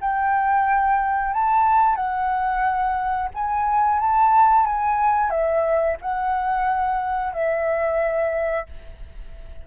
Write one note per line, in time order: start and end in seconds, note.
0.00 1.33 G5
1.33 1.95 A5
1.95 3.29 F#5
3.34 3.99 G#5
3.99 4.65 A5
4.65 5.30 G#5
5.30 5.96 E5
6.01 7.32 F#5
7.32 8.66 E5